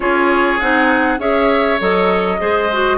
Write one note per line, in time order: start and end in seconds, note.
0.00 0.58 C#4
0.00 0.59 F4
0.00 1.20 G#4
0.00 0.59 C#5
0.59 1.18 C4
0.59 1.18 D#4
0.59 1.19 F#5
1.18 1.78 C#4
1.18 1.78 G#4
1.18 2.40 C#5
1.18 1.80 E5
1.79 2.40 F#3
1.79 2.38 A4
1.79 2.97 D#5
2.38 2.97 G#3
2.38 2.68 G#4
2.38 2.97 C5
2.71 2.97 F#4